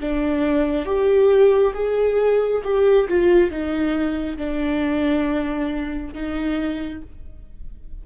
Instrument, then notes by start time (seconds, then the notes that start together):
viola
0.00 D4
0.85 G4
1.74 G#4
2.64 G4
3.08 F4
3.51 D#4
4.37 D4
6.14 D#4